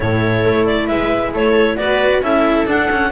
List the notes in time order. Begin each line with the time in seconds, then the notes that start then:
0.00 A2 E4 A4 C#5
0.44 A3
0.66 D5
0.87 G#3 B4 E5
1.33 A3 A4 C#5
1.76 B3 F#4 B4 D5
2.21 C#4 E4 A4 E5
2.66 D4 F#5
2.91 C#4